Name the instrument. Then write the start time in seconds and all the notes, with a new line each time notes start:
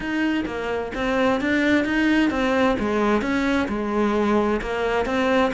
cello
0.00 D#4
0.45 A#3
0.94 C4
1.40 D4
1.84 D#4
2.30 C4
2.79 G#3
3.21 C#4
3.68 G#3
4.61 A#3
5.05 C4